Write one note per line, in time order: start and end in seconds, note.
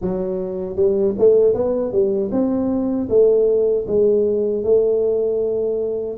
0.01 0.76 F#3
0.76 1.14 G3
1.18 1.54 A3
1.54 1.92 B3
1.92 2.30 G3
2.31 3.08 C4
3.09 3.86 A3
3.87 4.63 G#3
4.63 6.17 A3